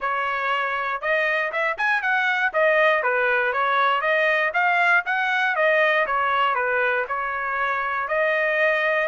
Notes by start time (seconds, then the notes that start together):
0.00 C#5
1.01 D#5
1.51 E5
1.77 G#5
2.02 F#5
2.53 D#5
3.03 B4
3.52 C#5
4.01 D#5
4.53 F5
5.05 F#5
5.55 D#5
6.06 C#5
6.54 B4
7.07 C#5
8.08 D#5